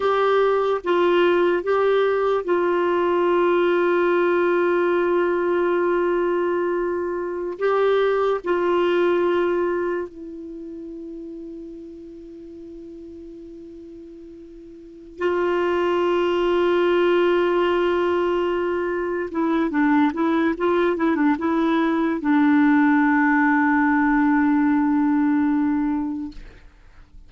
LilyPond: \new Staff \with { instrumentName = "clarinet" } { \time 4/4 \tempo 4 = 73 g'4 f'4 g'4 f'4~ | f'1~ | f'4~ f'16 g'4 f'4.~ f'16~ | f'16 e'2.~ e'8.~ |
e'2~ e'8 f'4.~ | f'2.~ f'8 e'8 | d'8 e'8 f'8 e'16 d'16 e'4 d'4~ | d'1 | }